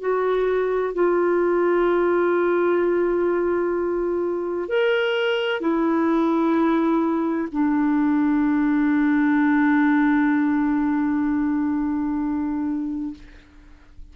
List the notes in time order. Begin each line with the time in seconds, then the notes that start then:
0.00 F#4
0.94 F4
4.69 A#4
5.61 E4
7.52 D4